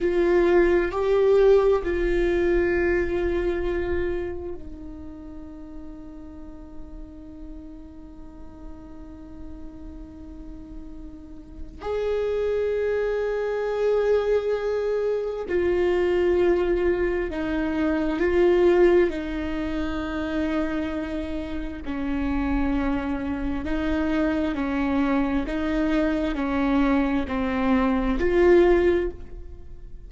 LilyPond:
\new Staff \with { instrumentName = "viola" } { \time 4/4 \tempo 4 = 66 f'4 g'4 f'2~ | f'4 dis'2.~ | dis'1~ | dis'4 gis'2.~ |
gis'4 f'2 dis'4 | f'4 dis'2. | cis'2 dis'4 cis'4 | dis'4 cis'4 c'4 f'4 | }